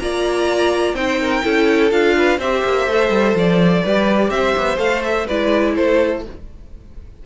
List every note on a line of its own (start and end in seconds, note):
0.00 0.94 A#3
0.00 0.96 F4
0.00 0.96 D5
0.00 0.96 A#5
0.94 1.42 C4
0.94 1.43 D#4
0.94 1.20 C5
0.94 1.92 G5
1.21 1.45 A#4
1.43 1.92 C#4
1.43 1.91 E4
1.43 2.17 A4
1.92 2.39 D4
1.92 2.40 F4
1.92 2.40 F5
2.17 2.39 B4
2.39 2.63 C4
2.39 2.90 G4
2.39 3.83 C5
2.39 3.37 E5
2.65 2.87 A#3
2.87 3.10 A3
2.87 3.86 A4
3.10 3.34 G3
3.35 3.83 F3
3.35 4.31 D5
3.83 4.31 G3
3.83 4.78 G4
3.83 4.31 B4
4.31 4.55 C4
4.31 5.27 C5
4.31 4.79 E5
4.57 4.78 B3
4.78 5.26 A3
4.78 5.26 A4
4.78 5.03 F5
5.04 5.28 E5
5.27 5.78 G#3
5.27 6.25 E4
5.27 5.75 B4
5.27 5.76 D5
5.76 6.26 A3
5.76 6.25 A4
5.76 6.24 C5